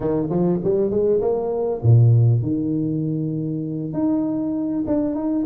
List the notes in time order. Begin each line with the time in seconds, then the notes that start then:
0.00 D#3
0.29 F3
0.64 G3
0.90 G#3
1.21 A#3
1.82 A#2
2.42 D#3
3.93 D#4
4.86 D4
5.15 D#4